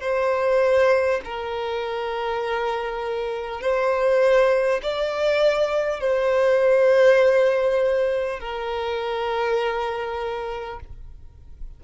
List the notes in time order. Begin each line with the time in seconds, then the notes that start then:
0.00 C5
1.24 A#4
3.61 C5
4.82 D5
6.00 C5
8.39 A#4